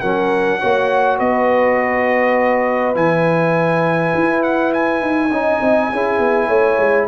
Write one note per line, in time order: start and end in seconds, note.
0.00 0.62 F#3
0.00 0.61 C#4
0.00 0.60 A#4
0.00 1.18 F#5
0.60 1.20 A#3
0.60 2.94 F#4
0.60 1.18 C#5
1.18 2.95 B3
1.18 5.30 B4
1.18 2.96 D#5
2.94 4.13 E3
2.94 5.30 E4
2.94 4.43 G#5
4.15 5.02 E4
4.43 4.72 F#5
4.73 7.08 G#5
5.02 5.30 D#4
5.30 5.60 C#4
5.30 5.93 D#4
5.30 5.90 D#5
5.61 5.90 C4
5.92 6.19 C#4
5.92 7.08 E4
5.92 6.47 G#4
6.19 6.48 B3
6.47 6.78 A3
6.47 7.06 C#5
6.78 7.07 G#3